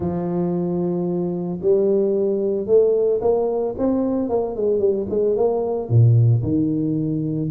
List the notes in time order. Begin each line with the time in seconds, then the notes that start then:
0.00 F3
1.61 G3
2.66 A3
3.21 A#3
3.78 C4
4.29 A#3
4.55 G#3
4.79 G3
5.09 G#3
5.36 A#3
5.89 A#2
6.42 D#3